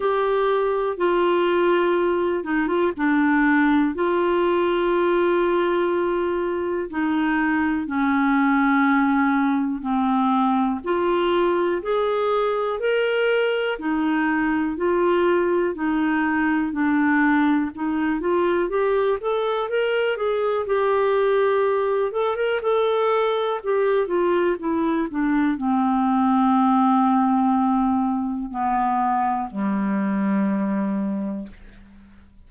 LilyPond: \new Staff \with { instrumentName = "clarinet" } { \time 4/4 \tempo 4 = 61 g'4 f'4. dis'16 f'16 d'4 | f'2. dis'4 | cis'2 c'4 f'4 | gis'4 ais'4 dis'4 f'4 |
dis'4 d'4 dis'8 f'8 g'8 a'8 | ais'8 gis'8 g'4. a'16 ais'16 a'4 | g'8 f'8 e'8 d'8 c'2~ | c'4 b4 g2 | }